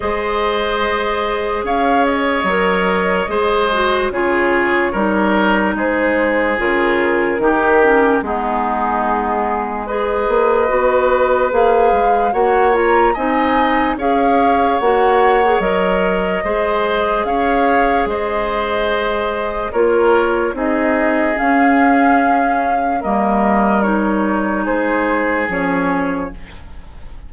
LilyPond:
<<
  \new Staff \with { instrumentName = "flute" } { \time 4/4 \tempo 4 = 73 dis''2 f''8 dis''4.~ | dis''4 cis''2 c''4 | ais'2 gis'2 | dis''2 f''4 fis''8 ais''8 |
gis''4 f''4 fis''4 dis''4~ | dis''4 f''4 dis''2 | cis''4 dis''4 f''2 | dis''4 cis''4 c''4 cis''4 | }
  \new Staff \with { instrumentName = "oboe" } { \time 4/4 c''2 cis''2 | c''4 gis'4 ais'4 gis'4~ | gis'4 g'4 dis'2 | b'2. cis''4 |
dis''4 cis''2. | c''4 cis''4 c''2 | ais'4 gis'2. | ais'2 gis'2 | }
  \new Staff \with { instrumentName = "clarinet" } { \time 4/4 gis'2. ais'4 | gis'8 fis'8 f'4 dis'2 | f'4 dis'8 cis'8 b2 | gis'4 fis'4 gis'4 fis'8 f'8 |
dis'4 gis'4 fis'8. gis'16 ais'4 | gis'1 | f'4 dis'4 cis'2 | ais4 dis'2 cis'4 | }
  \new Staff \with { instrumentName = "bassoon" } { \time 4/4 gis2 cis'4 fis4 | gis4 cis4 g4 gis4 | cis4 dis4 gis2~ | gis8 ais8 b4 ais8 gis8 ais4 |
c'4 cis'4 ais4 fis4 | gis4 cis'4 gis2 | ais4 c'4 cis'2 | g2 gis4 f4 | }
>>